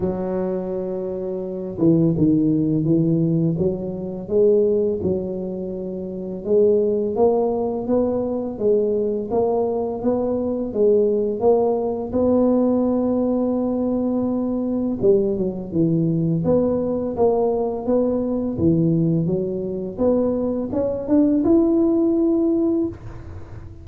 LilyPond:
\new Staff \with { instrumentName = "tuba" } { \time 4/4 \tempo 4 = 84 fis2~ fis8 e8 dis4 | e4 fis4 gis4 fis4~ | fis4 gis4 ais4 b4 | gis4 ais4 b4 gis4 |
ais4 b2.~ | b4 g8 fis8 e4 b4 | ais4 b4 e4 fis4 | b4 cis'8 d'8 e'2 | }